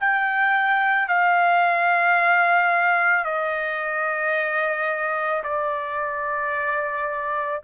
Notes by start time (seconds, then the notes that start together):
0.00 G5
1.08 F5
3.24 D#5
5.43 D5